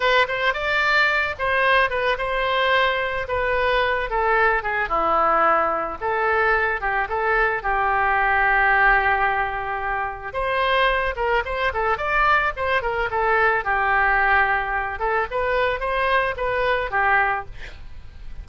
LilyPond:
\new Staff \with { instrumentName = "oboe" } { \time 4/4 \tempo 4 = 110 b'8 c''8 d''4. c''4 b'8 | c''2 b'4. a'8~ | a'8 gis'8 e'2 a'4~ | a'8 g'8 a'4 g'2~ |
g'2. c''4~ | c''8 ais'8 c''8 a'8 d''4 c''8 ais'8 | a'4 g'2~ g'8 a'8 | b'4 c''4 b'4 g'4 | }